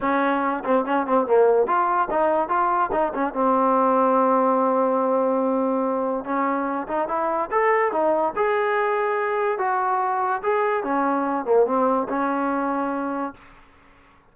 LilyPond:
\new Staff \with { instrumentName = "trombone" } { \time 4/4 \tempo 4 = 144 cis'4. c'8 cis'8 c'8 ais4 | f'4 dis'4 f'4 dis'8 cis'8 | c'1~ | c'2. cis'4~ |
cis'8 dis'8 e'4 a'4 dis'4 | gis'2. fis'4~ | fis'4 gis'4 cis'4. ais8 | c'4 cis'2. | }